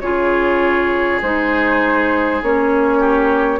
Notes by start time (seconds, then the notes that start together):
0.00 C#3 F4 G#4 C#5
1.22 G#3 D#4 C5
2.42 A#3 C#4 C#5
2.99 G4